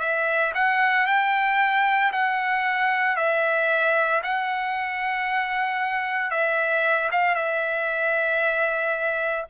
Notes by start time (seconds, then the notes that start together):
0.00 E5
0.55 F#5
1.07 G5
2.13 F#5
3.17 E5
4.23 F#5
6.31 E5
7.12 F5
7.35 E5